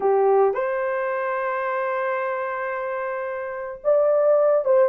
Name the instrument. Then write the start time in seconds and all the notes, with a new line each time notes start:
horn
0.00 G4
0.53 C5
3.84 D5
4.64 C5